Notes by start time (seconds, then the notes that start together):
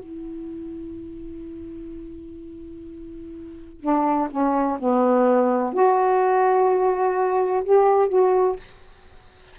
0.00 E4
3.81 D4
4.31 C#4
4.80 B3
5.74 F#4
7.65 G4
8.09 F#4